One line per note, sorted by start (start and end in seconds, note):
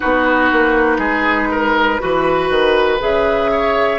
0.00 0.52 B3
0.00 1.99 D#4
0.00 0.97 F#4
0.00 2.99 B4
0.52 0.98 A#3
0.98 1.98 G#3
0.98 1.48 G#4
1.51 2.01 A#4
1.99 2.49 E3
1.99 2.99 F#4
1.99 3.51 B4
2.49 2.99 D#3
2.99 3.98 C#3
2.99 3.98 G#4
2.99 3.98 E5
3.51 3.98 C#5